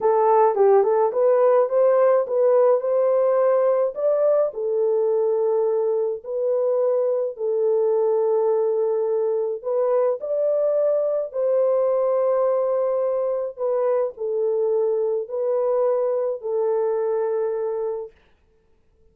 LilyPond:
\new Staff \with { instrumentName = "horn" } { \time 4/4 \tempo 4 = 106 a'4 g'8 a'8 b'4 c''4 | b'4 c''2 d''4 | a'2. b'4~ | b'4 a'2.~ |
a'4 b'4 d''2 | c''1 | b'4 a'2 b'4~ | b'4 a'2. | }